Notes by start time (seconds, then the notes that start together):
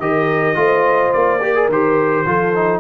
0.00 D#3 G4 A#4 D#5
0.55 A3 F4 C5
1.13 A#3 D5
1.42 G4 A#4
1.55 G#4
1.69 D#3 G4 C5
2.26 F3 F4 A4
2.55 D#4